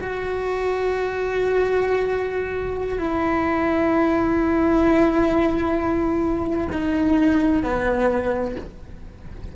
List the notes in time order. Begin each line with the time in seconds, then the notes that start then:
0.00 F#4
2.98 E4
6.72 D#4
7.63 B3